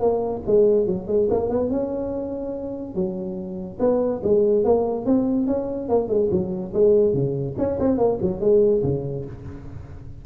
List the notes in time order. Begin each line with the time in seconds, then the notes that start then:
0.00 A#3
0.47 G#3
0.86 F#3
1.08 G#3
1.30 A#3
1.50 B3
1.70 C#4
2.95 F#3
3.80 B3
4.24 G#3
4.64 A#3
5.06 C4
5.47 C#4
5.89 A#3
6.09 G#3
6.31 F#3
6.74 G#3
7.14 C#3
7.58 C#4
7.80 C4
7.98 A#3
8.22 F#3
8.41 G#3
8.83 C#3